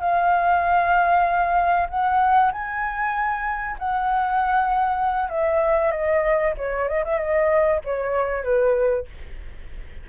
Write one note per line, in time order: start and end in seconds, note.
0.00 1.88 F5
1.89 2.52 F#5
2.52 3.77 G#5
3.78 5.30 F#5
5.30 5.91 E5
5.91 6.54 D#5
6.57 6.88 C#5
6.88 7.04 D#5
7.05 7.18 E5
7.18 7.80 D#5
7.84 8.43 C#5
8.43 9.06 B4